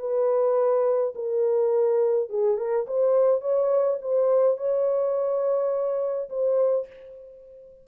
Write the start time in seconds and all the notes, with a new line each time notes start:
0.00 B4
1.16 A#4
2.30 G#4
2.58 A#4
2.88 C5
3.42 C#5
4.02 C5
4.58 C#5
6.30 C5